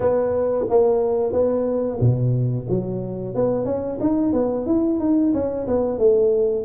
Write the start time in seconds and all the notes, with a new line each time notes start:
0.00 B3
0.69 A#3
1.32 B3
2.00 B2
2.69 F#3
3.34 B3
3.65 C#4
4.00 D#4
4.32 B3
4.66 E4
4.99 D#4
5.33 C#4
5.67 B3
5.98 A3